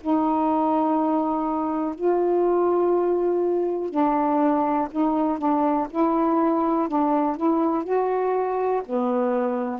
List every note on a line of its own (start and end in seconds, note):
0.00 1.95 D#4
1.95 3.89 F4
3.89 4.88 D4
4.90 5.38 D#4
5.38 5.87 D4
5.90 6.88 E4
6.88 7.36 D4
7.36 7.83 E4
7.83 8.82 F#4
8.86 9.79 B3